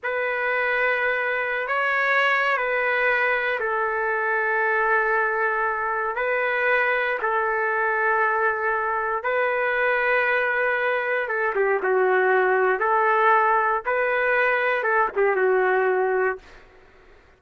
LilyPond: \new Staff \with { instrumentName = "trumpet" } { \time 4/4 \tempo 4 = 117 b'2.~ b'16 cis''8.~ | cis''4 b'2 a'4~ | a'1 | b'2 a'2~ |
a'2 b'2~ | b'2 a'8 g'8 fis'4~ | fis'4 a'2 b'4~ | b'4 a'8 g'8 fis'2 | }